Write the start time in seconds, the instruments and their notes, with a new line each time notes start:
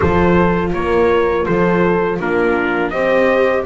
0.00 double bass F3, viola F4, horn A4, trumpet C5
0.73 double bass A#3, horn A#4, trumpet C#5
1.45 double bass F3, horn A4, trumpet C5
2.18 double bass A#3, viola D4, horn F4, trumpet A#4
2.90 double bass C4, viola G4, horn C5, trumpet D#5